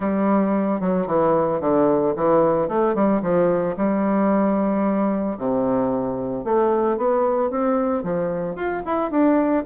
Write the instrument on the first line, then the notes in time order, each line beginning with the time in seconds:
bassoon
0.00 G3
0.80 F#3
1.06 E3
1.60 D3
2.16 E3
2.68 A3
2.94 G3
3.22 F3
3.76 G3
5.38 C3
6.44 A3
6.97 B3
7.50 C4
8.03 F3
8.55 F4
8.85 E4
9.10 D4